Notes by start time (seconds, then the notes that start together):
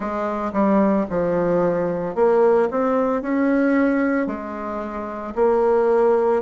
0.00 G#3
0.52 G3
1.09 F3
2.15 A#3
2.71 C4
3.21 C#4
4.26 G#3
5.35 A#3